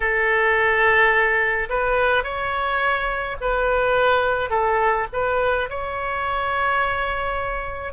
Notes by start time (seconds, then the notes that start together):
0.00 A4
1.69 B4
2.23 C#5
3.40 B4
4.50 A4
5.13 B4
5.69 C#5